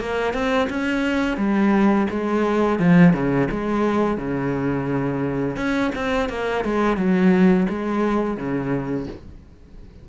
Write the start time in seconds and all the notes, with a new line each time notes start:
0.00 A#3
0.33 C4
0.69 C#4
1.37 G3
2.10 G#3
2.79 F3
3.13 C#3
3.51 G#3
4.17 C#3
5.57 C#4
5.95 C4
6.29 A#3
6.64 G#3
6.97 F#3
7.69 G#3
8.37 C#3